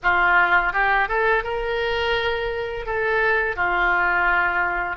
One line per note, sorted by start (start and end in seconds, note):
0.03 0.72 F4
0.72 1.08 G4
1.08 1.43 A4
1.43 2.86 A#4
2.86 3.56 A4
3.56 4.96 F4